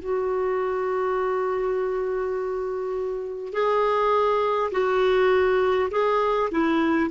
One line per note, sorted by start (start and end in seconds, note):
0.00 3.53 F#4
3.53 4.71 G#4
4.72 5.89 F#4
5.90 6.49 G#4
6.51 7.10 E4